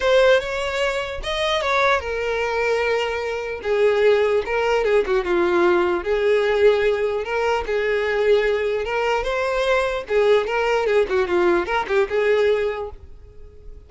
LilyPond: \new Staff \with { instrumentName = "violin" } { \time 4/4 \tempo 4 = 149 c''4 cis''2 dis''4 | cis''4 ais'2.~ | ais'4 gis'2 ais'4 | gis'8 fis'8 f'2 gis'4~ |
gis'2 ais'4 gis'4~ | gis'2 ais'4 c''4~ | c''4 gis'4 ais'4 gis'8 fis'8 | f'4 ais'8 g'8 gis'2 | }